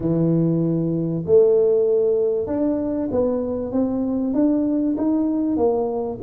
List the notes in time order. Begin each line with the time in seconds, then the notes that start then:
0.00 E3
1.25 A3
2.47 D4
3.11 B3
3.72 C4
4.33 D4
4.97 D#4
5.56 A#3